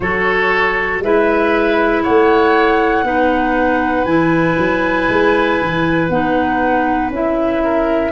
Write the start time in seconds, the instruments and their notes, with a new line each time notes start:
0.00 tuba F#3, clarinet F#4, oboe A4, flute C#5
0.99 tuba G#3, clarinet E4, oboe B4, flute E5
2.02 tuba A3, oboe C#5, flute F#5
3.03 tuba B3, clarinet D#4, oboe B4
4.04 tuba E3, clarinet E4, flute G#5
4.57 tuba F#3
5.09 tuba G#3
5.61 tuba E3
6.08 tuba B3, clarinet D#4, flute F#5
7.10 tuba C#4, clarinet E4, flute E5
7.63 oboe A#4